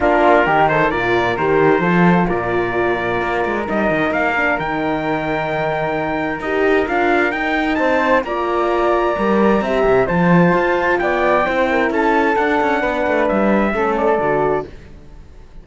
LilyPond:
<<
  \new Staff \with { instrumentName = "trumpet" } { \time 4/4 \tempo 4 = 131 ais'4. c''8 d''4 c''4~ | c''4 d''2. | dis''4 f''4 g''2~ | g''2 dis''4 f''4 |
g''4 a''4 ais''2~ | ais''2 a''2 | g''2 a''4 fis''4~ | fis''4 e''4. d''4. | }
  \new Staff \with { instrumentName = "flute" } { \time 4/4 f'4 g'8 a'8 ais'2 | a'4 ais'2.~ | ais'1~ | ais'1~ |
ais'4 c''4 d''2~ | d''4 e''4 c''2 | d''4 c''8 ais'8 a'2 | b'2 a'2 | }
  \new Staff \with { instrumentName = "horn" } { \time 4/4 d'4 dis'4 f'4 g'4 | f'1 | dis'4. d'8 dis'2~ | dis'2 g'4 f'4 |
dis'2 f'2 | ais'4 g'4 f'2~ | f'4 e'2 d'4~ | d'2 cis'4 fis'4 | }
  \new Staff \with { instrumentName = "cello" } { \time 4/4 ais4 dis4 ais,4 dis4 | f4 ais,2 ais8 gis8 | g8 dis8 ais4 dis2~ | dis2 dis'4 d'4 |
dis'4 c'4 ais2 | g4 c'8 c8 f4 f'4 | b4 c'4 cis'4 d'8 cis'8 | b8 a8 g4 a4 d4 | }
>>